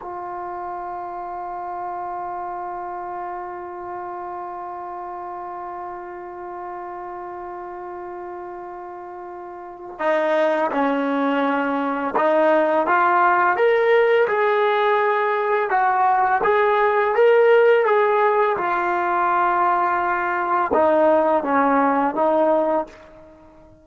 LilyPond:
\new Staff \with { instrumentName = "trombone" } { \time 4/4 \tempo 4 = 84 f'1~ | f'1~ | f'1~ | f'2 dis'4 cis'4~ |
cis'4 dis'4 f'4 ais'4 | gis'2 fis'4 gis'4 | ais'4 gis'4 f'2~ | f'4 dis'4 cis'4 dis'4 | }